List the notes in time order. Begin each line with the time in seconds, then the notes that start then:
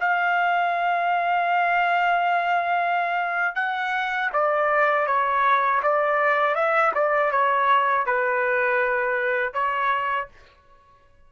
0.00 F5
3.56 F#5
4.33 D5
5.07 C#5
5.83 D5
6.55 E5
6.95 D5
7.32 C#5
8.07 B4
9.54 C#5